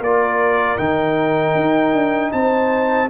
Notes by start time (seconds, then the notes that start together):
0.00 A#3 F4 A#4 D5
0.78 D#3 D#4 G5
1.55 D#4
1.93 D4
2.33 C4 C5 A5